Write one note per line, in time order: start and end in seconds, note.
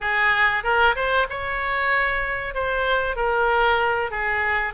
0.00 0.63 G#4
0.63 0.95 A#4
0.95 1.27 C5
1.29 2.54 C#5
2.54 3.16 C5
3.16 4.11 A#4
4.11 4.73 G#4